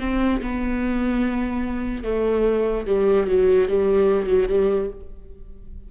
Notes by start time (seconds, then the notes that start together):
0.00 C4
0.42 B3
2.04 A3
2.87 G3
3.27 F#3
3.69 G3
4.27 F#3
4.49 G3